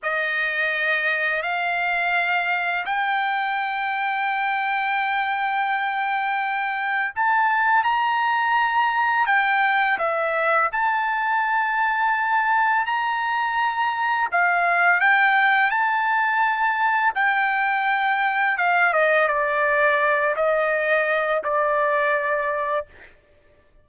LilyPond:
\new Staff \with { instrumentName = "trumpet" } { \time 4/4 \tempo 4 = 84 dis''2 f''2 | g''1~ | g''2 a''4 ais''4~ | ais''4 g''4 e''4 a''4~ |
a''2 ais''2 | f''4 g''4 a''2 | g''2 f''8 dis''8 d''4~ | d''8 dis''4. d''2 | }